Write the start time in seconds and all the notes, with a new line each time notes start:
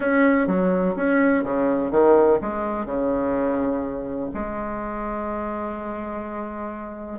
0.00 C#4
0.47 F#3
0.95 C#4
1.43 C#3
1.91 D#3
2.41 G#3
2.85 C#3
4.34 G#3